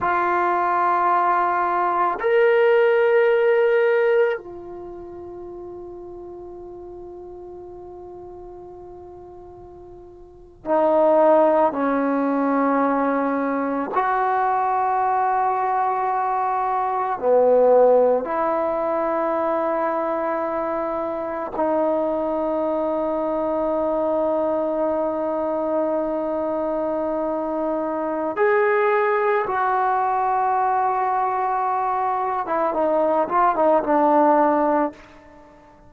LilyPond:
\new Staff \with { instrumentName = "trombone" } { \time 4/4 \tempo 4 = 55 f'2 ais'2 | f'1~ | f'4.~ f'16 dis'4 cis'4~ cis'16~ | cis'8. fis'2. b16~ |
b8. e'2. dis'16~ | dis'1~ | dis'2 gis'4 fis'4~ | fis'4.~ fis'16 e'16 dis'8 f'16 dis'16 d'4 | }